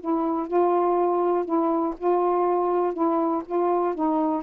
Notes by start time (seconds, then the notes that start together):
0.00 E4
0.47 F4
1.45 E4
1.98 F4
2.93 E4
3.46 F4
3.94 D#4